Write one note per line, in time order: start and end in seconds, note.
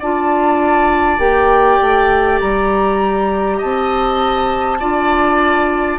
0.00 1.19 D4
0.00 1.19 F4
0.00 3.58 D5
0.00 1.20 A5
1.19 1.79 A#3
1.19 4.79 G4
1.19 2.40 G5
1.81 2.41 A3
2.41 3.62 G3
2.41 3.60 A#5
3.58 4.82 C4
3.58 4.78 D#5
3.58 5.99 A5
4.80 5.99 D4
4.80 5.99 F4
4.80 5.99 D5